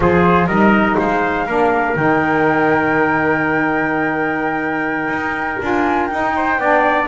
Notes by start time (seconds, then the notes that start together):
0.00 F3 F4 G#4 C5
0.46 G3 D#4 A#4 D#5
0.98 G#3 C5 F5
1.46 A#3 D4 A#4
1.96 D#3 D#4 G5
5.08 D#4
5.61 D4 F4 G#5
6.06 D#4 G5
6.36 C5
6.57 B3 D4 D5